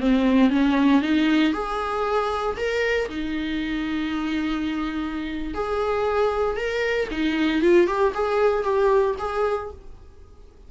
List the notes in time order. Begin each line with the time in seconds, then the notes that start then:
0.00 C4
0.50 C#4
1.02 D#4
1.53 G#4
2.57 A#4
3.09 D#4
5.55 G#4
6.57 A#4
7.11 D#4
7.62 F4
7.87 G4
8.14 G#4
8.64 G4
9.19 G#4